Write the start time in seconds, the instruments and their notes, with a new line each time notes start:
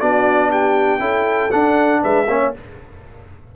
0.00 tuba B3, trombone D4, horn F#4, trumpet D5
0.50 horn G4, trumpet G5
1.00 tuba C#4, trombone E4, horn A4
1.51 trombone D4, tuba D4, trumpet F#5
2.03 tuba G#3, horn B4, trumpet E5
2.28 tuba A#3, trombone C#4, horn C#5